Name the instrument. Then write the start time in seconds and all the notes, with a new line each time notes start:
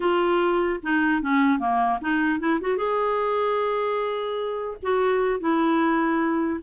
clarinet
0.00 F4
0.82 D#4
1.22 C#4
1.59 A#3
2.01 D#4
2.39 E4
2.60 F#4
2.77 G#4
4.82 F#4
5.40 E4